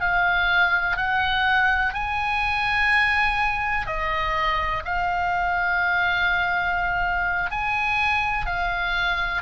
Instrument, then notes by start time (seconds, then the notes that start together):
oboe
0.00 F5
0.96 F#5
1.94 G#5
3.86 D#5
4.84 F5
7.50 G#5
8.45 F5